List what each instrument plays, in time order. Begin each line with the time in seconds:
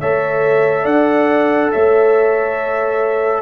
0.00 tuba A3, trombone A4, horn C#5, trumpet E5
0.83 tuba D4, horn D5, trumpet F#5
1.72 tuba A3, horn C#5, trumpet E5